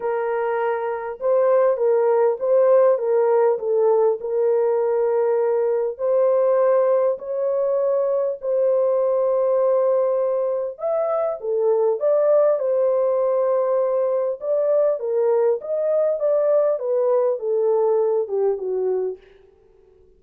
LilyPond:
\new Staff \with { instrumentName = "horn" } { \time 4/4 \tempo 4 = 100 ais'2 c''4 ais'4 | c''4 ais'4 a'4 ais'4~ | ais'2 c''2 | cis''2 c''2~ |
c''2 e''4 a'4 | d''4 c''2. | d''4 ais'4 dis''4 d''4 | b'4 a'4. g'8 fis'4 | }